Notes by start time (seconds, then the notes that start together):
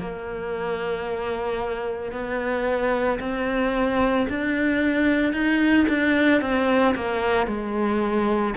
0.00 A#3
2.12 B3
3.19 C4
4.29 D4
5.33 D#4
5.88 D4
6.41 C4
6.95 A#3
7.47 G#3